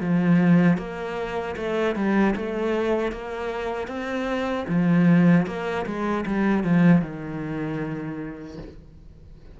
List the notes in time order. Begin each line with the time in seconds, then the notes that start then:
0.00 F3
0.77 A#3
1.56 A3
1.95 G3
2.36 A3
3.11 A#3
3.87 C4
4.68 F3
5.46 A#3
5.85 G#3
6.26 G3
6.63 F3
7.01 D#3